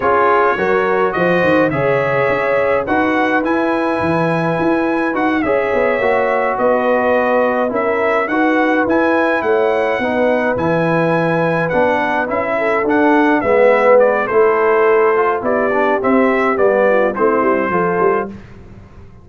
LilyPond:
<<
  \new Staff \with { instrumentName = "trumpet" } { \time 4/4 \tempo 4 = 105 cis''2 dis''4 e''4~ | e''4 fis''4 gis''2~ | gis''4 fis''8 e''2 dis''8~ | dis''4. e''4 fis''4 gis''8~ |
gis''8 fis''2 gis''4.~ | gis''8 fis''4 e''4 fis''4 e''8~ | e''8 d''8 c''2 d''4 | e''4 d''4 c''2 | }
  \new Staff \with { instrumentName = "horn" } { \time 4/4 gis'4 ais'4 c''4 cis''4~ | cis''4 b'2.~ | b'4. cis''2 b'8~ | b'4. ais'4 b'4.~ |
b'8 cis''4 b'2~ b'8~ | b'2 a'4. b'8~ | b'4 a'2 g'4~ | g'4. f'8 e'4 a'4 | }
  \new Staff \with { instrumentName = "trombone" } { \time 4/4 f'4 fis'2 gis'4~ | gis'4 fis'4 e'2~ | e'4 fis'8 gis'4 fis'4.~ | fis'4. e'4 fis'4 e'8~ |
e'4. dis'4 e'4.~ | e'8 d'4 e'4 d'4 b8~ | b4 e'4. f'8 e'8 d'8 | c'4 b4 c'4 f'4 | }
  \new Staff \with { instrumentName = "tuba" } { \time 4/4 cis'4 fis4 f8 dis8 cis4 | cis'4 dis'4 e'4 e4 | e'4 dis'8 cis'8 b8 ais4 b8~ | b4. cis'4 dis'4 e'8~ |
e'8 a4 b4 e4.~ | e8 b4 cis'4 d'4 gis8~ | gis4 a2 b4 | c'4 g4 a8 g8 f8 g8 | }
>>